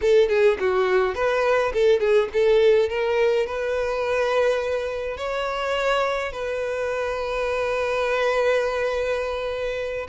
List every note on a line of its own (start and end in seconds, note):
0.01 0.29 A4
0.29 0.57 G#4
0.59 1.14 F#4
1.14 1.72 B4
1.73 2.00 A4
2.00 2.28 G#4
2.33 2.89 A4
2.89 3.46 A#4
3.46 5.17 B4
5.17 6.32 C#5
6.32 10.07 B4